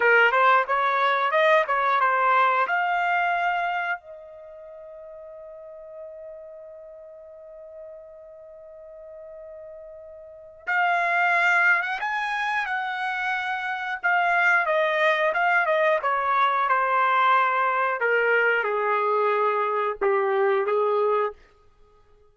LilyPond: \new Staff \with { instrumentName = "trumpet" } { \time 4/4 \tempo 4 = 90 ais'8 c''8 cis''4 dis''8 cis''8 c''4 | f''2 dis''2~ | dis''1~ | dis''1 |
f''4.~ f''16 fis''16 gis''4 fis''4~ | fis''4 f''4 dis''4 f''8 dis''8 | cis''4 c''2 ais'4 | gis'2 g'4 gis'4 | }